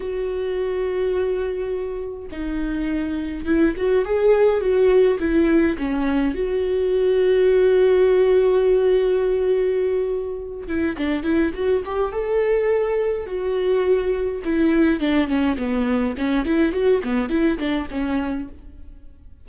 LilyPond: \new Staff \with { instrumentName = "viola" } { \time 4/4 \tempo 4 = 104 fis'1 | dis'2 e'8 fis'8 gis'4 | fis'4 e'4 cis'4 fis'4~ | fis'1~ |
fis'2~ fis'8 e'8 d'8 e'8 | fis'8 g'8 a'2 fis'4~ | fis'4 e'4 d'8 cis'8 b4 | cis'8 e'8 fis'8 b8 e'8 d'8 cis'4 | }